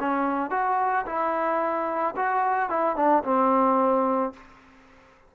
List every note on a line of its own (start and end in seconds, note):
0.00 0.51 C#4
0.51 1.05 F#4
1.06 2.15 E4
2.16 2.70 F#4
2.70 2.96 E4
2.96 3.24 D4
3.24 4.33 C4